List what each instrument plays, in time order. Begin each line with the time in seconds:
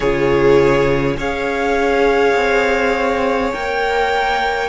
0.00 cello C#3, viola F4, violin G#4 C#5
1.17 cello C#4, viola G#4, violin C#5 F5
2.35 cello C4
3.52 cello A#3, viola A#4, violin G5